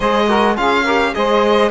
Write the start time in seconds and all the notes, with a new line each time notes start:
0.00 G#3 G#4 C5 D#5
0.28 F#4 A#4
0.56 C#4 F4 G#4 F5
0.83 G4 A#4
1.14 G#3 G#4 C5 D#5